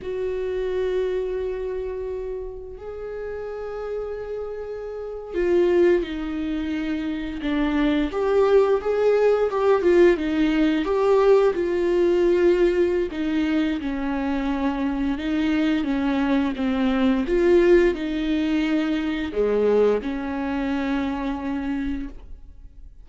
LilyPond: \new Staff \with { instrumentName = "viola" } { \time 4/4 \tempo 4 = 87 fis'1 | gis'2.~ gis'8. f'16~ | f'8. dis'2 d'4 g'16~ | g'8. gis'4 g'8 f'8 dis'4 g'16~ |
g'8. f'2~ f'16 dis'4 | cis'2 dis'4 cis'4 | c'4 f'4 dis'2 | gis4 cis'2. | }